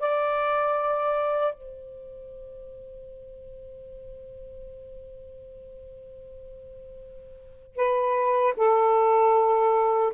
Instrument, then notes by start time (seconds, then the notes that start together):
saxophone
0.00 D5
1.55 C5
7.77 B4
8.57 A4